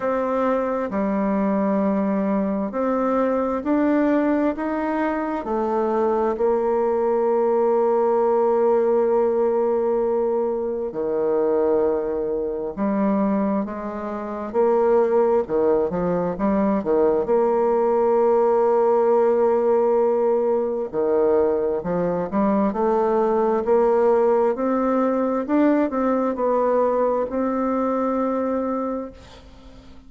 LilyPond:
\new Staff \with { instrumentName = "bassoon" } { \time 4/4 \tempo 4 = 66 c'4 g2 c'4 | d'4 dis'4 a4 ais4~ | ais1 | dis2 g4 gis4 |
ais4 dis8 f8 g8 dis8 ais4~ | ais2. dis4 | f8 g8 a4 ais4 c'4 | d'8 c'8 b4 c'2 | }